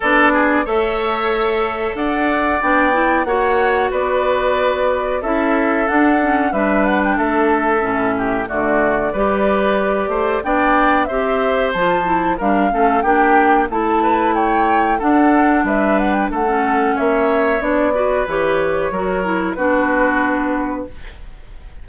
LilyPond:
<<
  \new Staff \with { instrumentName = "flute" } { \time 4/4 \tempo 4 = 92 d''4 e''2 fis''4 | g''4 fis''4 d''2 | e''4 fis''4 e''8 fis''16 g''16 e''4~ | e''4 d''2. |
g''4 e''4 a''4 f''4 | g''4 a''4 g''4 fis''4 | e''8 fis''16 g''16 fis''4 e''4 d''4 | cis''2 b'2 | }
  \new Staff \with { instrumentName = "oboe" } { \time 4/4 a'8 gis'8 cis''2 d''4~ | d''4 cis''4 b'2 | a'2 b'4 a'4~ | a'8 g'8 fis'4 b'4. c''8 |
d''4 c''2 ais'8 a'8 | g'4 a'8 b'8 cis''4 a'4 | b'4 a'4 cis''4. b'8~ | b'4 ais'4 fis'2 | }
  \new Staff \with { instrumentName = "clarinet" } { \time 4/4 d'4 a'2. | d'8 e'8 fis'2. | e'4 d'8 cis'8 d'2 | cis'4 a4 g'2 |
d'4 g'4 f'8 e'8 d'8 cis'8 | d'4 e'2 d'4~ | d'4~ d'16 cis'4.~ cis'16 d'8 fis'8 | g'4 fis'8 e'8 d'2 | }
  \new Staff \with { instrumentName = "bassoon" } { \time 4/4 b4 a2 d'4 | b4 ais4 b2 | cis'4 d'4 g4 a4 | a,4 d4 g4. a8 |
b4 c'4 f4 g8 a8 | ais4 a2 d'4 | g4 a4 ais4 b4 | e4 fis4 b2 | }
>>